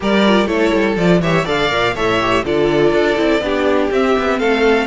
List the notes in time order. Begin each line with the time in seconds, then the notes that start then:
0.00 G3 G4 A#4 D5
0.26 F4
0.46 A3 E4 A4 C#5
0.73 G3
0.96 F3 F4 D5
1.20 E3 G4 C#5 E5
1.44 D3 A4 D5 F5
1.69 A#2 A#4
1.95 A2 A4 C#5 E5
2.21 G4
2.44 D3 F4 A4 D5
2.92 D4
3.16 C4 E4
3.40 B3 D4 G4
3.90 C4 E5
4.17 B3
4.39 A3 A4 F5